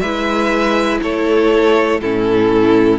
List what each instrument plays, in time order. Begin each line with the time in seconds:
0.00 cello G#3, viola E4, violin B4 E5
1.02 cello A3, violin A4 C#5
2.01 cello A2, viola C#4, violin E4 A4